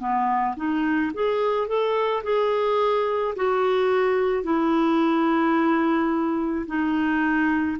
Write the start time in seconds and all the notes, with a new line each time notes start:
0.00 B3
0.57 D#4
1.14 G#4
1.68 A4
2.24 G#4
3.36 F#4
4.44 E4
6.67 D#4